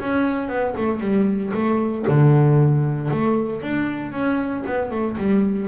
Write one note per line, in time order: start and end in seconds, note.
0.00 0.49 C#4
0.49 0.75 B3
0.77 1.00 A3
1.00 1.52 G3
1.54 2.05 A3
2.08 3.11 D3
3.11 3.62 A3
3.62 4.12 D4
4.12 4.64 C#4
4.66 4.91 B3
4.91 5.17 A3
5.17 5.68 G3